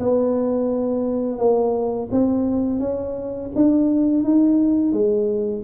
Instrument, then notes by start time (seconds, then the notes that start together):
tuba
0.00 B3
1.39 A#3
2.11 C4
2.80 C#4
3.56 D4
4.24 D#4
4.93 G#3